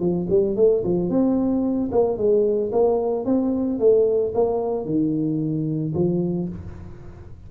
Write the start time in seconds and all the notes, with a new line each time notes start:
0.00 F3
0.30 G3
0.57 A3
0.84 F3
1.10 C4
1.92 A#3
2.18 G#3
2.72 A#3
3.26 C4
3.80 A3
4.35 A#3
4.86 D#3
5.95 F3